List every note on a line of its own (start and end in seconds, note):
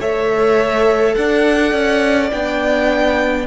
0.00 1.16 A3
0.00 2.32 A4
0.00 1.15 C#5
0.00 1.15 E5
1.15 1.73 D4
1.15 3.47 D5
1.15 2.31 F#5
1.73 2.31 C#4
2.31 3.47 B3
2.31 3.47 D4
2.31 3.46 G5